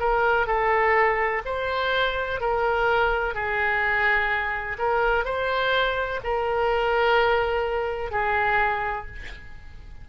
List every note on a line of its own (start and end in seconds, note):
0.00 0.47 A#4
0.47 1.42 A4
1.45 2.41 C5
2.41 3.35 A#4
3.35 4.78 G#4
4.79 5.25 A#4
5.25 6.20 C5
6.24 8.12 A#4
8.12 9.07 G#4